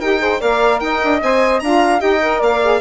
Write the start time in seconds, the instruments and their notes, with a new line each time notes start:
0.00 bassoon D#4, saxophone G4, flute A#4, violin G5
0.19 saxophone G#4, flute C5
0.40 bassoon A#3, saxophone A#4, flute D5, violin F5
0.80 bassoon D#4, flute D#5, violin G5
1.04 bassoon D4
1.23 bassoon C4, saxophone C5, violin G#5
1.60 bassoon D4, saxophone F4, flute F5, violin A#5
1.99 bassoon D#4, saxophone G4, flute D#5, violin G5
2.22 saxophone A#4
2.40 bassoon A#3, flute D5, violin F5
2.64 saxophone G#4